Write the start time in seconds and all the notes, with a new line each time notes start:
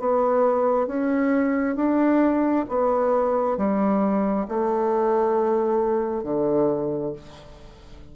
0.00 B3
0.88 C#4
1.76 D4
2.69 B3
3.58 G3
4.49 A3
6.24 D3